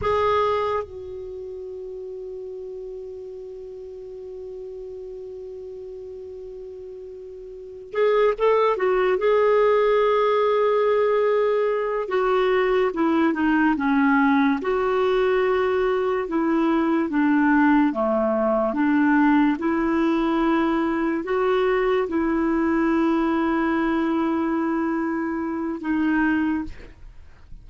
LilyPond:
\new Staff \with { instrumentName = "clarinet" } { \time 4/4 \tempo 4 = 72 gis'4 fis'2.~ | fis'1~ | fis'4. gis'8 a'8 fis'8 gis'4~ | gis'2~ gis'8 fis'4 e'8 |
dis'8 cis'4 fis'2 e'8~ | e'8 d'4 a4 d'4 e'8~ | e'4. fis'4 e'4.~ | e'2. dis'4 | }